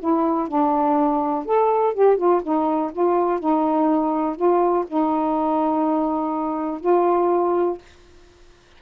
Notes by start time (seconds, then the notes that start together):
0.00 E4
0.48 D4
1.46 A4
1.94 G4
2.18 F4
2.43 D#4
2.93 F4
3.40 D#4
4.37 F4
4.88 D#4
6.81 F4